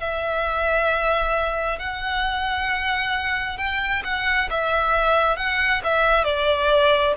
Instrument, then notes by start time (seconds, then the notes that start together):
violin
0.00 E5
1.79 F#5
3.58 G5
4.05 F#5
4.51 E5
5.37 F#5
5.84 E5
6.24 D5